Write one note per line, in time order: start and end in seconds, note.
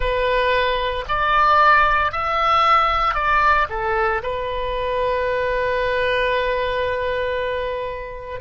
0.00 1.04 B4
1.08 2.11 D5
2.11 3.14 E5
3.14 3.67 D5
3.69 4.22 A4
4.22 8.40 B4